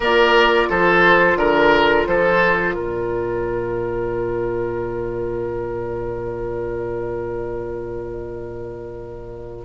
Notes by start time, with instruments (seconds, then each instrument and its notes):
0.00 bassoon A#3, clarinet F4, oboe A#4, flute D5
0.69 bassoon F3, oboe A4, flute C5
1.35 bassoon D3, flute A#4, oboe A#4
2.06 bassoon F3, oboe A4, flute C5
2.74 bassoon A#2, oboe A#4, flute D5